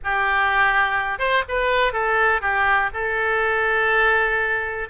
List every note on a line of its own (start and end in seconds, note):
0.04 1.18 G4
1.18 1.43 C5
1.48 1.92 B4
1.92 2.41 A4
2.41 2.90 G4
2.93 4.88 A4